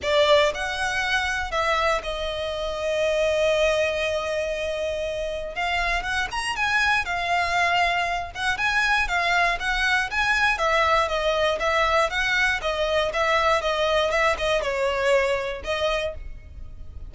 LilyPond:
\new Staff \with { instrumentName = "violin" } { \time 4/4 \tempo 4 = 119 d''4 fis''2 e''4 | dis''1~ | dis''2. f''4 | fis''8 ais''8 gis''4 f''2~ |
f''8 fis''8 gis''4 f''4 fis''4 | gis''4 e''4 dis''4 e''4 | fis''4 dis''4 e''4 dis''4 | e''8 dis''8 cis''2 dis''4 | }